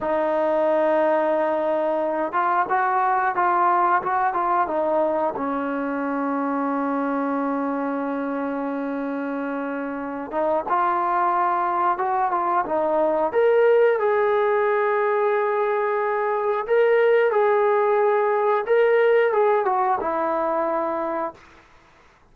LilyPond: \new Staff \with { instrumentName = "trombone" } { \time 4/4 \tempo 4 = 90 dis'2.~ dis'8 f'8 | fis'4 f'4 fis'8 f'8 dis'4 | cis'1~ | cis'2.~ cis'8 dis'8 |
f'2 fis'8 f'8 dis'4 | ais'4 gis'2.~ | gis'4 ais'4 gis'2 | ais'4 gis'8 fis'8 e'2 | }